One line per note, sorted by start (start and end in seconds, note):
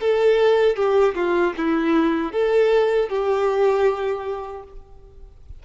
0.00 0.76 A4
0.76 1.15 G4
1.15 1.53 F4
1.57 2.32 E4
2.32 3.09 A4
3.09 4.63 G4